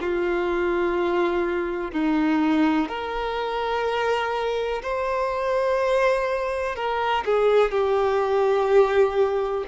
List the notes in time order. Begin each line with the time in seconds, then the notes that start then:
0.00 F4
1.91 D#4
2.88 A#4
4.82 C5
6.75 A#4
7.25 G#4
7.71 G4